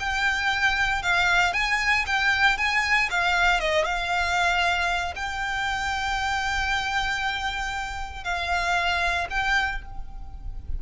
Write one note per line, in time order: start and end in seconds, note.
0.00 1.03 G5
1.03 1.54 F5
1.54 2.05 G#5
2.07 2.58 G5
2.58 3.10 G#5
3.11 3.60 F5
3.60 3.85 D#5
3.85 5.14 F5
5.16 8.24 G5
8.24 9.28 F5
9.30 9.82 G5